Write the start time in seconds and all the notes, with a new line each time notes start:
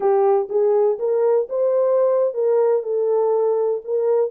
0.00 G4
0.49 G#4
0.98 A#4
1.49 C5
2.33 A#4
2.82 A4
3.84 A#4